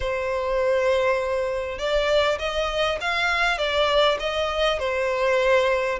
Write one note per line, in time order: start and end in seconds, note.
0.00 1.78 C5
1.78 2.38 D5
2.38 2.98 D#5
3.00 3.58 F5
3.58 4.18 D5
4.19 4.79 D#5
4.79 5.99 C5